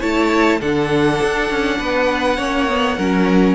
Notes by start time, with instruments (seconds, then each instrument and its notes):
0.00 cello A3, viola E4, violin C#5 A5
0.60 cello D3, viola D4, violin A4 F#5
1.23 cello D4
1.50 cello C#4
1.79 cello B3, violin B4
2.37 cello A#3, viola C#4, violin C#5
2.68 viola B3
2.96 cello F#3, viola C#4, violin A#4